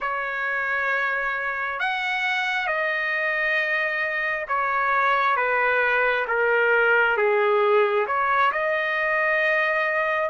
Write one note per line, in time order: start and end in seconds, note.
0.00 1.79 C#5
1.79 2.67 F#5
2.67 4.46 D#5
4.48 5.36 C#5
5.36 6.25 B4
6.27 7.16 A#4
7.16 8.06 G#4
8.06 8.51 C#5
8.52 10.29 D#5